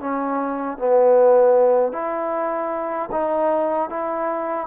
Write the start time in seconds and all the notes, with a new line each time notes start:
0.00 C#4
0.78 B3
1.92 E4
3.11 D#4
3.90 E4